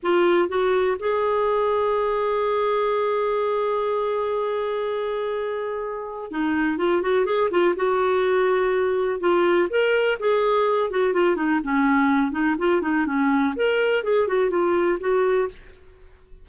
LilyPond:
\new Staff \with { instrumentName = "clarinet" } { \time 4/4 \tempo 4 = 124 f'4 fis'4 gis'2~ | gis'1~ | gis'1~ | gis'4 dis'4 f'8 fis'8 gis'8 f'8 |
fis'2. f'4 | ais'4 gis'4. fis'8 f'8 dis'8 | cis'4. dis'8 f'8 dis'8 cis'4 | ais'4 gis'8 fis'8 f'4 fis'4 | }